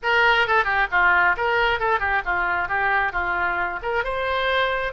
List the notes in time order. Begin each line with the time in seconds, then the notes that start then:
0.02 A#4
0.47 A4
0.64 G4
0.91 F4
1.36 A#4
1.79 A4
1.99 G4
2.25 F4
2.68 G4
3.12 F4
3.82 A#4
4.03 C5